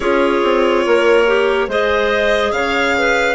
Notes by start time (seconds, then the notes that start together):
0.00 C#4 F4 G#4 C#5
0.43 C4
0.85 A#3 A#4
1.27 G4
1.67 G#3 G#4 C5 D#5
2.51 C#3 C#5 F5
2.98 B4